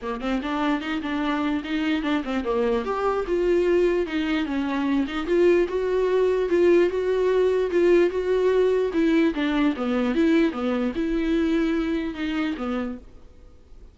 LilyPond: \new Staff \with { instrumentName = "viola" } { \time 4/4 \tempo 4 = 148 ais8 c'8 d'4 dis'8 d'4. | dis'4 d'8 c'8 ais4 g'4 | f'2 dis'4 cis'4~ | cis'8 dis'8 f'4 fis'2 |
f'4 fis'2 f'4 | fis'2 e'4 d'4 | b4 e'4 b4 e'4~ | e'2 dis'4 b4 | }